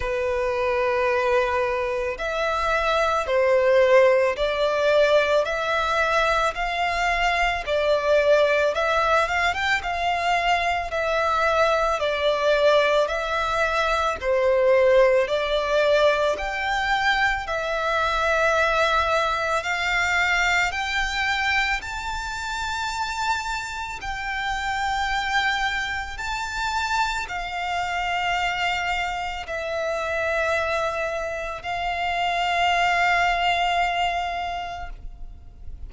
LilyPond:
\new Staff \with { instrumentName = "violin" } { \time 4/4 \tempo 4 = 55 b'2 e''4 c''4 | d''4 e''4 f''4 d''4 | e''8 f''16 g''16 f''4 e''4 d''4 | e''4 c''4 d''4 g''4 |
e''2 f''4 g''4 | a''2 g''2 | a''4 f''2 e''4~ | e''4 f''2. | }